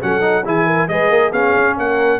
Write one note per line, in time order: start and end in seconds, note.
0.00 0.45 F#3
0.00 0.21 C#4
0.00 0.45 A4
0.00 0.46 F#5
0.21 0.43 D#4
0.45 0.88 E3
0.45 0.89 E4
0.45 0.66 G#4
0.45 0.88 G#5
0.66 0.88 A#4
0.88 1.10 G#3
0.88 1.33 G#4
0.88 1.11 B4
0.88 1.32 D#5
1.10 1.32 A#3
1.10 1.30 A#4
1.30 1.54 B3
1.30 2.20 C#4
1.30 1.74 G#4
1.30 1.77 F5
1.55 1.77 C#4
1.77 2.20 A#3
1.77 2.20 A#4
1.77 2.20 F#5